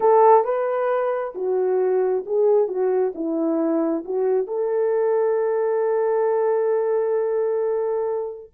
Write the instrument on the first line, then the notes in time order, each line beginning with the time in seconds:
horn
0.00 A4
0.44 B4
1.34 F#4
2.26 G#4
2.68 F#4
3.14 E4
4.04 F#4
4.47 A4